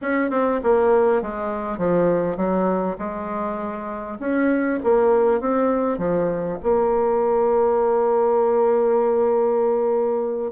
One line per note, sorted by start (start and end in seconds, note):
0.01 0.30 C#4
0.30 0.60 C4
0.63 1.22 A#3
1.22 1.78 G#3
1.78 2.36 F3
2.36 2.96 F#3
2.98 4.18 G#3
4.19 4.79 C#4
4.83 5.40 A#3
5.40 5.98 C4
5.98 6.58 F3
6.62 10.51 A#3